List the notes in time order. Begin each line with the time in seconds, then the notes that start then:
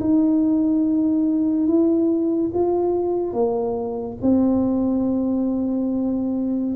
0.00 D#4
1.67 E4
2.54 F4
3.33 A#3
4.21 C4